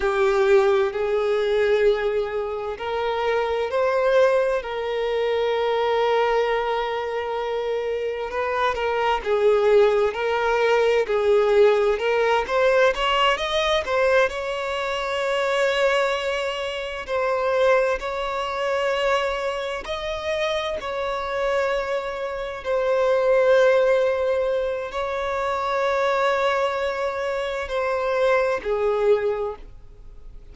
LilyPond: \new Staff \with { instrumentName = "violin" } { \time 4/4 \tempo 4 = 65 g'4 gis'2 ais'4 | c''4 ais'2.~ | ais'4 b'8 ais'8 gis'4 ais'4 | gis'4 ais'8 c''8 cis''8 dis''8 c''8 cis''8~ |
cis''2~ cis''8 c''4 cis''8~ | cis''4. dis''4 cis''4.~ | cis''8 c''2~ c''8 cis''4~ | cis''2 c''4 gis'4 | }